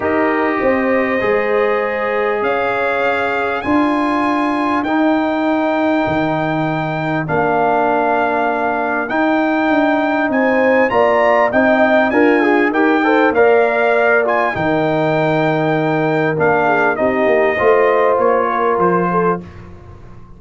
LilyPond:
<<
  \new Staff \with { instrumentName = "trumpet" } { \time 4/4 \tempo 4 = 99 dis''1 | f''2 gis''2 | g''1 | f''2. g''4~ |
g''4 gis''4 ais''4 g''4 | gis''4 g''4 f''4. gis''8 | g''2. f''4 | dis''2 cis''4 c''4 | }
  \new Staff \with { instrumentName = "horn" } { \time 4/4 ais'4 c''2. | cis''2 ais'2~ | ais'1~ | ais'1~ |
ais'4 c''4 d''4 dis''4 | f'4 ais'8 c''8 d''2 | ais'2.~ ais'8 gis'8 | g'4 c''4. ais'4 a'8 | }
  \new Staff \with { instrumentName = "trombone" } { \time 4/4 g'2 gis'2~ | gis'2 f'2 | dis'1 | d'2. dis'4~ |
dis'2 f'4 dis'4 | ais'8 gis'8 g'8 a'8 ais'4. f'8 | dis'2. d'4 | dis'4 f'2. | }
  \new Staff \with { instrumentName = "tuba" } { \time 4/4 dis'4 c'4 gis2 | cis'2 d'2 | dis'2 dis2 | ais2. dis'4 |
d'4 c'4 ais4 c'4 | d'4 dis'4 ais2 | dis2. ais4 | c'8 ais8 a4 ais4 f4 | }
>>